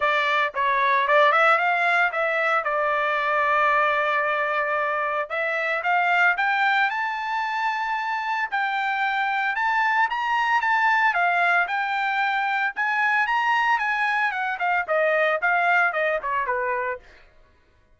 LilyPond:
\new Staff \with { instrumentName = "trumpet" } { \time 4/4 \tempo 4 = 113 d''4 cis''4 d''8 e''8 f''4 | e''4 d''2.~ | d''2 e''4 f''4 | g''4 a''2. |
g''2 a''4 ais''4 | a''4 f''4 g''2 | gis''4 ais''4 gis''4 fis''8 f''8 | dis''4 f''4 dis''8 cis''8 b'4 | }